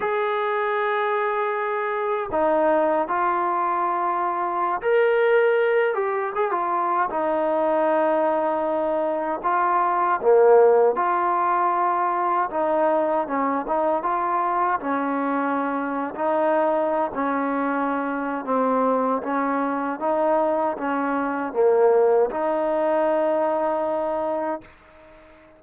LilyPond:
\new Staff \with { instrumentName = "trombone" } { \time 4/4 \tempo 4 = 78 gis'2. dis'4 | f'2~ f'16 ais'4. g'16~ | g'16 gis'16 f'8. dis'2~ dis'8.~ | dis'16 f'4 ais4 f'4.~ f'16~ |
f'16 dis'4 cis'8 dis'8 f'4 cis'8.~ | cis'4 dis'4~ dis'16 cis'4.~ cis'16 | c'4 cis'4 dis'4 cis'4 | ais4 dis'2. | }